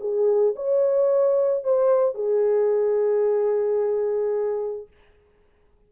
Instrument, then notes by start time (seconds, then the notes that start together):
horn
0.00 G#4
0.56 C#5
1.64 C5
2.14 G#4